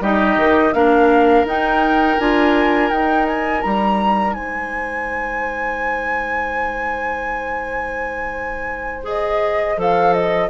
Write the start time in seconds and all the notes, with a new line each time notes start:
0.00 G3 D#4 G4 D#5
0.38 D#3
0.73 A#3 D4 A#4 F5
1.44 D#4 G5
2.19 D4 F4 G#5
2.90 D#4 G5
3.26 G#5
3.62 G3 A#5
4.33 G#3 C5 G#5
9.03 G#4 D#5
9.77 F3 A4 F5
10.13 D#5